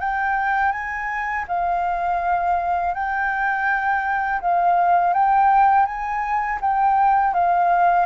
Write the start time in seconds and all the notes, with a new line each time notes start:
0.00 G5
0.72 G#5
1.48 F5
2.94 G5
4.41 F5
5.14 G5
5.86 G#5
6.61 G5
7.34 F5